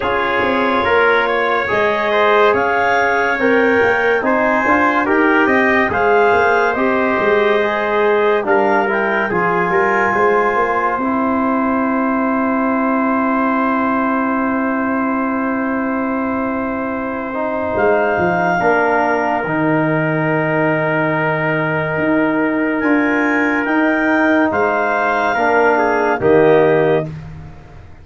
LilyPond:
<<
  \new Staff \with { instrumentName = "clarinet" } { \time 4/4 \tempo 4 = 71 cis''2 dis''4 f''4 | g''4 gis''4 g''4 f''4 | dis''2 f''8 g''8 gis''4~ | gis''4 g''2.~ |
g''1~ | g''4 f''2 g''4~ | g''2. gis''4 | g''4 f''2 dis''4 | }
  \new Staff \with { instrumentName = "trumpet" } { \time 4/4 gis'4 ais'8 cis''4 c''8 cis''4~ | cis''4 c''4 ais'8 dis''8 c''4~ | c''2 ais'4 gis'8 ais'8 | c''1~ |
c''1~ | c''2 ais'2~ | ais'1~ | ais'4 c''4 ais'8 gis'8 g'4 | }
  \new Staff \with { instrumentName = "trombone" } { \time 4/4 f'2 gis'2 | ais'4 dis'8 f'8 g'4 gis'4 | g'4 gis'4 d'8 e'8 f'4~ | f'4 e'2.~ |
e'1~ | e'8 dis'4. d'4 dis'4~ | dis'2. f'4 | dis'2 d'4 ais4 | }
  \new Staff \with { instrumentName = "tuba" } { \time 4/4 cis'8 c'8 ais4 gis4 cis'4 | c'8 ais8 c'8 d'8 dis'8 c'8 gis8 ais8 | c'8 gis4. g4 f8 g8 | gis8 ais8 c'2.~ |
c'1~ | c'4 gis8 f8 ais4 dis4~ | dis2 dis'4 d'4 | dis'4 gis4 ais4 dis4 | }
>>